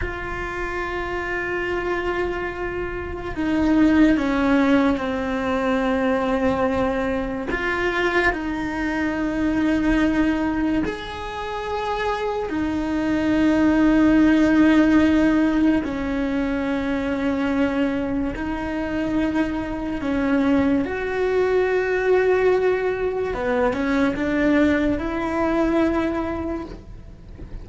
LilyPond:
\new Staff \with { instrumentName = "cello" } { \time 4/4 \tempo 4 = 72 f'1 | dis'4 cis'4 c'2~ | c'4 f'4 dis'2~ | dis'4 gis'2 dis'4~ |
dis'2. cis'4~ | cis'2 dis'2 | cis'4 fis'2. | b8 cis'8 d'4 e'2 | }